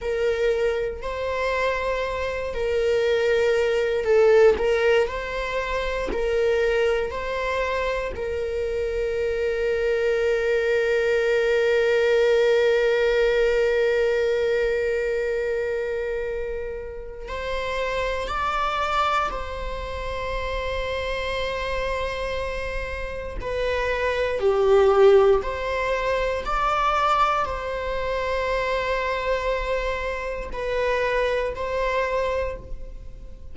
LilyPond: \new Staff \with { instrumentName = "viola" } { \time 4/4 \tempo 4 = 59 ais'4 c''4. ais'4. | a'8 ais'8 c''4 ais'4 c''4 | ais'1~ | ais'1~ |
ais'4 c''4 d''4 c''4~ | c''2. b'4 | g'4 c''4 d''4 c''4~ | c''2 b'4 c''4 | }